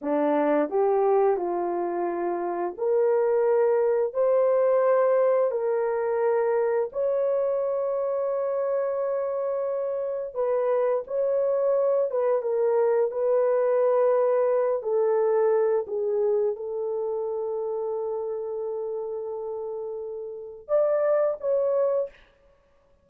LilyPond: \new Staff \with { instrumentName = "horn" } { \time 4/4 \tempo 4 = 87 d'4 g'4 f'2 | ais'2 c''2 | ais'2 cis''2~ | cis''2. b'4 |
cis''4. b'8 ais'4 b'4~ | b'4. a'4. gis'4 | a'1~ | a'2 d''4 cis''4 | }